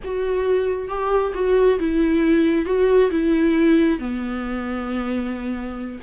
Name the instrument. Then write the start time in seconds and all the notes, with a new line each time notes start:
viola
0.03 F#4
0.88 G4
1.34 F#4
1.79 E4
2.65 F#4
3.10 E4
3.99 B3